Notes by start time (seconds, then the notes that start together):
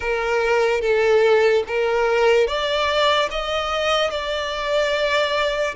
0.00 A#4
0.81 A4
1.67 A#4
2.47 D5
3.30 D#5
4.10 D5